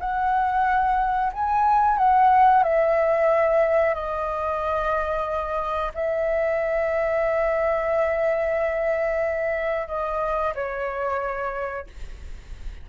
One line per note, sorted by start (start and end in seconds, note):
0.00 1.32 F#5
1.33 1.97 G#5
1.97 2.63 F#5
2.63 3.94 E5
3.94 5.92 D#5
5.94 9.88 E5
9.88 10.53 D#5
10.55 11.87 C#5